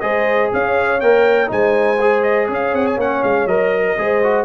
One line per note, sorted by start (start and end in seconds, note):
0.00 0.52 G#3
0.00 1.00 G#4
0.00 0.51 C5
0.00 0.49 D#5
0.53 1.02 C#4
0.53 1.51 C#5
0.53 1.00 F5
1.00 1.51 A#3
1.00 1.47 A#4
1.00 1.50 G5
1.47 2.48 G#3
1.47 1.96 D#4
1.47 2.49 C5
1.47 2.23 G#5
2.01 2.99 G#4
2.23 2.47 D#5
2.48 2.73 C#4
2.48 3.85 C#5
2.48 2.75 F5
2.73 2.97 C4
2.73 2.86 F#5
2.86 2.99 G#5
2.97 3.22 A#3
2.97 3.48 C#4
2.97 3.23 F#5
3.23 3.46 G#3
3.23 3.47 F5
3.46 3.95 F#3
3.46 3.97 A#4
3.46 4.45 D#5
3.85 3.97 A#4
3.98 4.45 G#3
3.98 4.22 G#4
3.98 4.45 C5
4.23 4.45 F#4